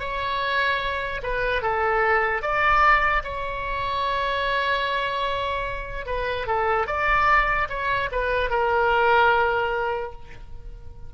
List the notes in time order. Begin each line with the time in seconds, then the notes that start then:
0.00 C#5
1.23 B4
1.63 A4
2.43 D5
3.24 C#5
6.07 B4
6.47 A4
6.87 D5
7.70 C#5
8.12 B4
8.51 A#4